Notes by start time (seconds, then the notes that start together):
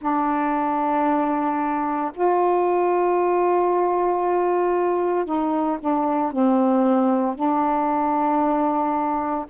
0.00 D4
2.14 F4
5.25 D#4
5.79 D4
6.32 C4
7.34 D4